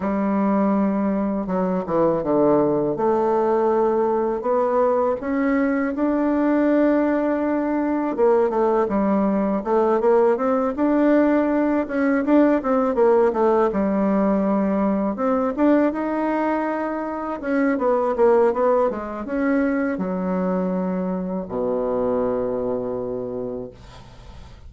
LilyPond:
\new Staff \with { instrumentName = "bassoon" } { \time 4/4 \tempo 4 = 81 g2 fis8 e8 d4 | a2 b4 cis'4 | d'2. ais8 a8 | g4 a8 ais8 c'8 d'4. |
cis'8 d'8 c'8 ais8 a8 g4.~ | g8 c'8 d'8 dis'2 cis'8 | b8 ais8 b8 gis8 cis'4 fis4~ | fis4 b,2. | }